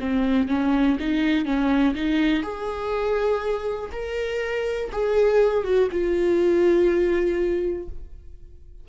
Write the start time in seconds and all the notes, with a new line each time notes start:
0.00 C4
0.48 C#4
1.00 D#4
1.45 C#4
1.95 D#4
2.43 G#4
3.92 A#4
4.92 G#4
5.64 F#4
5.92 F4